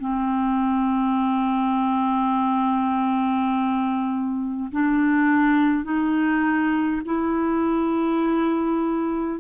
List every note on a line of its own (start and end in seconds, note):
0.00 4.71 C4
4.72 5.84 D4
5.84 7.02 D#4
7.05 9.40 E4